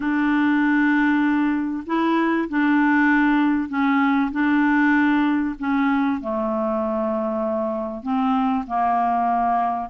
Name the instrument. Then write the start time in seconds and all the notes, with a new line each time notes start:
clarinet
0.00 D4
1.86 E4
2.48 D4
3.68 C#4
4.31 D4
5.58 C#4
6.20 A3
8.02 C4
8.67 A#3